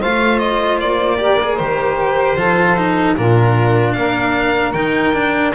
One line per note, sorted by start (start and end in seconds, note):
0.00 0.81 A3
0.00 1.18 F4
0.00 1.18 C5
0.00 0.39 F5
0.39 0.78 D#5
0.81 1.60 A#3
0.81 1.56 D5
1.18 1.38 G4
1.18 2.37 A#4
1.42 1.60 G#4
1.56 2.36 D#3
1.56 2.38 G4
1.56 3.14 C5
2.36 3.15 F3
2.36 2.77 F4
2.36 3.16 A4
2.77 3.17 D#4
3.17 3.97 A#2
3.17 4.75 D4
3.17 3.97 F4
3.17 3.94 A#4
3.94 4.74 A#3
3.94 5.55 A#4
3.94 4.73 F5
4.73 5.53 D#3
4.73 5.14 D#4
4.73 5.52 G5
5.14 5.54 D4